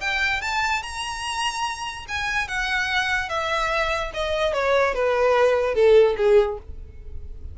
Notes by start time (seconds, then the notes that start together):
0.00 G5
0.41 A5
0.82 A#5
2.08 G#5
2.48 F#5
3.29 E5
4.13 D#5
4.53 C#5
4.94 B4
5.74 A4
6.17 G#4